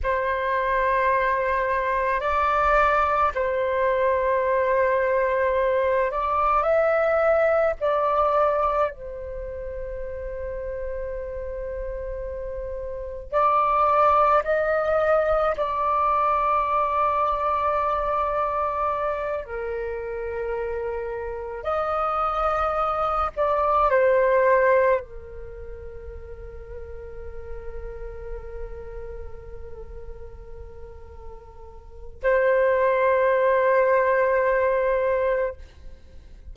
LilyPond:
\new Staff \with { instrumentName = "flute" } { \time 4/4 \tempo 4 = 54 c''2 d''4 c''4~ | c''4. d''8 e''4 d''4 | c''1 | d''4 dis''4 d''2~ |
d''4. ais'2 dis''8~ | dis''4 d''8 c''4 ais'4.~ | ais'1~ | ais'4 c''2. | }